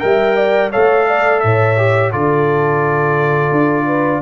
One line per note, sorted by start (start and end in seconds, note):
0.00 0.75 G3
0.00 0.71 A#4
0.00 0.37 E5
0.00 0.71 G5
0.37 0.71 D5
0.71 1.44 A3
0.71 1.77 A4
0.71 1.07 C#5
0.71 1.40 F5
1.08 1.43 D5
1.40 2.14 A2
1.40 2.12 C#5
1.40 2.11 E5
1.77 2.12 G4
2.12 3.52 D3
2.12 4.22 F4
2.12 3.86 A4
2.12 4.22 D5
3.52 4.22 D4
3.86 4.22 B4